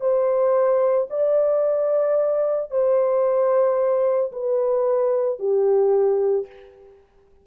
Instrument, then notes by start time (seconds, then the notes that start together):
horn
0.00 C5
1.10 D5
2.71 C5
4.32 B4
5.39 G4